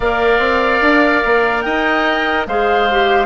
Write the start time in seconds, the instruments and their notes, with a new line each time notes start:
0.00 bassoon A#3, clarinet A#4, oboe D5, flute F5
0.39 bassoon C4
0.81 bassoon D4
1.24 bassoon A#3
1.61 bassoon D#4, oboe D#5, flute G5
2.46 bassoon G#3, clarinet G#4, oboe C5, flute F5
2.91 clarinet G4